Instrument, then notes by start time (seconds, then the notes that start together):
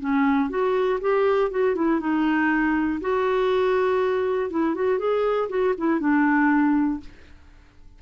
clarinet
0.00 C#4
0.50 F#4
1.01 G4
1.51 F#4
1.75 E4
2.00 D#4
3.01 F#4
4.50 E4
4.75 F#4
4.99 G#4
5.49 F#4
5.78 E4
6.00 D4